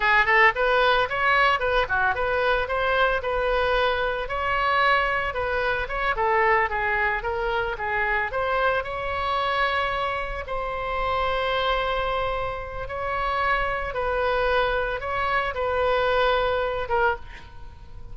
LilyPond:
\new Staff \with { instrumentName = "oboe" } { \time 4/4 \tempo 4 = 112 gis'8 a'8 b'4 cis''4 b'8 fis'8 | b'4 c''4 b'2 | cis''2 b'4 cis''8 a'8~ | a'8 gis'4 ais'4 gis'4 c''8~ |
c''8 cis''2. c''8~ | c''1 | cis''2 b'2 | cis''4 b'2~ b'8 ais'8 | }